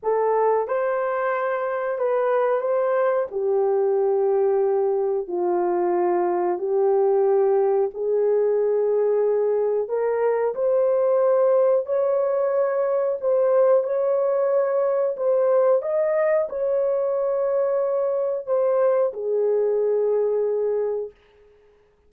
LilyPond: \new Staff \with { instrumentName = "horn" } { \time 4/4 \tempo 4 = 91 a'4 c''2 b'4 | c''4 g'2. | f'2 g'2 | gis'2. ais'4 |
c''2 cis''2 | c''4 cis''2 c''4 | dis''4 cis''2. | c''4 gis'2. | }